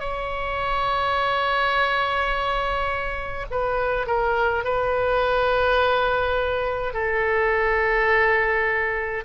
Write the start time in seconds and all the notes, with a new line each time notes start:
0.00 C#5
3.51 B4
4.07 A#4
4.64 B4
6.94 A4